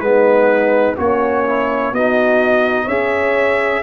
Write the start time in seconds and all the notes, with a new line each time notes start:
0.00 G#3 B3 D#4 B4
0.97 A#3 C#4 F#4 C#5
1.47 E4
1.92 B3 D#4 F#4 D#5
2.85 C#4 G#4 C#5 E5